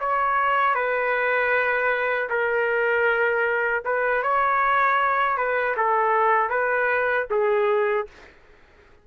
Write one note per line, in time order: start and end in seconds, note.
0.00 0.75 C#5
0.75 2.29 B4
2.30 3.84 A#4
3.85 4.23 B4
4.23 5.37 C#5
5.37 5.76 B4
5.77 6.50 A4
6.50 7.27 B4
7.30 8.07 G#4